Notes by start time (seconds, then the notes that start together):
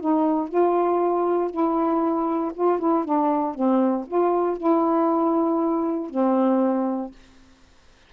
0.00 D#4
0.49 F4
1.50 E4
2.54 F4
2.79 E4
3.05 D4
3.55 C4
4.07 F4
4.57 E4
6.10 C4